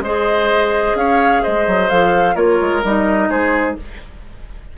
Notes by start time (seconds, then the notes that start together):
0.00 G#3 G#4 C5 D#5
0.95 C#4 C#5 F5
1.43 G#3 C5 D#5
1.67 F#3
1.89 F3 A4 F5
2.35 A#3 F4 A#4 C#5
2.61 G#3
2.84 G3 D#4 D#5
3.29 G#3 G#4 C5